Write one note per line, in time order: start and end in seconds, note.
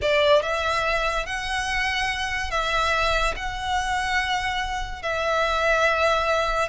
0.01 0.42 D5
0.42 1.25 E5
1.25 2.50 F#5
2.51 3.34 E5
3.36 5.02 F#5
5.02 6.69 E5